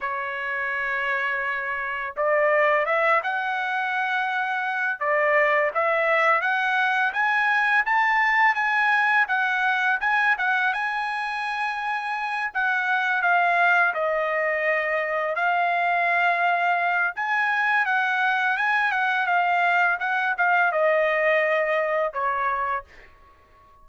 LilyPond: \new Staff \with { instrumentName = "trumpet" } { \time 4/4 \tempo 4 = 84 cis''2. d''4 | e''8 fis''2~ fis''8 d''4 | e''4 fis''4 gis''4 a''4 | gis''4 fis''4 gis''8 fis''8 gis''4~ |
gis''4. fis''4 f''4 dis''8~ | dis''4. f''2~ f''8 | gis''4 fis''4 gis''8 fis''8 f''4 | fis''8 f''8 dis''2 cis''4 | }